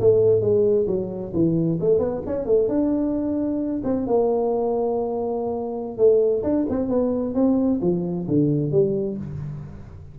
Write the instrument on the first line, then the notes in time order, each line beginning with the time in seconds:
tuba
0.00 A3
0.41 G#3
0.87 F#3
1.34 E3
1.81 A3
1.99 B3
2.26 C#4
2.46 A3
2.69 D4
3.84 C4
4.07 A#3
5.98 A3
6.43 D4
6.70 C4
6.89 B3
7.35 C4
7.82 F3
8.28 D3
8.72 G3